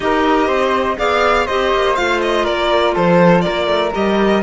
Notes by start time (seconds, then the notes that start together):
0.00 D#4 G4 A#4 D#5
0.47 C4 C5
0.97 B3 G#4 D5 F5
1.46 C4 G4 C5 D#5
1.73 A#3
1.95 A3 F4 F5
2.21 D#5
2.43 A#3 A#4 D5
2.94 F3 A4 C5
3.41 A#4 D5
3.47 A#3
3.67 A3
3.92 G3 G4 D#5